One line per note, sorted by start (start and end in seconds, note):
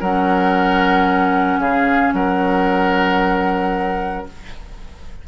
0.00 1.58 F#3
0.00 4.27 C#4
0.00 1.59 A#4
0.00 1.60 F#5
1.58 2.11 C#3
1.58 2.14 G#4
1.58 2.13 F5
2.13 4.25 F#3
2.13 4.27 A#4
2.13 4.26 F#5